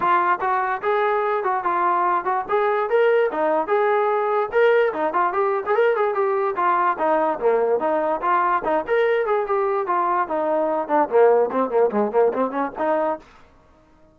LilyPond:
\new Staff \with { instrumentName = "trombone" } { \time 4/4 \tempo 4 = 146 f'4 fis'4 gis'4. fis'8 | f'4. fis'8 gis'4 ais'4 | dis'4 gis'2 ais'4 | dis'8 f'8 g'8. gis'16 ais'8 gis'8 g'4 |
f'4 dis'4 ais4 dis'4 | f'4 dis'8 ais'4 gis'8 g'4 | f'4 dis'4. d'8 ais4 | c'8 ais8 gis8 ais8 c'8 cis'8 dis'4 | }